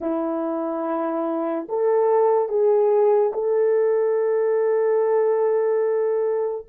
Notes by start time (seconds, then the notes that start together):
0.00 E4
1.69 A4
2.48 G#4
3.33 A4